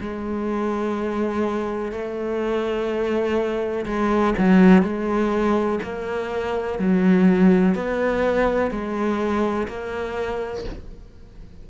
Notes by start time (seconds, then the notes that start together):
0.00 G#3
1.91 A3
3.85 G#3
4.38 F#3
4.83 G#3
5.83 A#3
6.79 F#3
7.75 B3
8.71 G#3
9.68 A#3